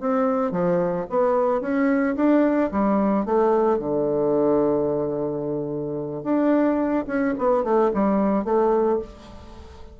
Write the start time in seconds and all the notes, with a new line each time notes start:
0.00 C4
0.51 F3
1.09 B3
1.61 C#4
2.15 D4
2.71 G3
3.25 A3
3.78 D3
6.23 D4
7.07 C#4
7.38 B3
7.64 A3
7.93 G3
8.44 A3